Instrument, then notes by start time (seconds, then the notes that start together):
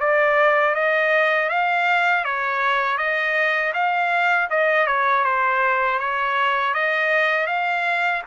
trumpet
0.00 D5
0.75 D#5
1.49 F5
2.24 C#5
2.98 D#5
3.74 F5
4.50 D#5
4.87 C#5
5.24 C5
5.99 C#5
6.74 D#5
7.47 F5